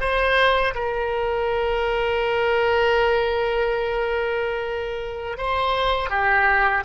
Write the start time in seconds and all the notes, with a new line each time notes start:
0.00 C5
0.74 A#4
5.37 C5
6.09 G4